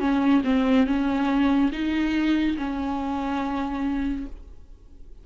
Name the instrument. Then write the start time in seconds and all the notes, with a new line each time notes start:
viola
0.00 C#4
0.45 C4
0.87 C#4
1.72 D#4
2.58 C#4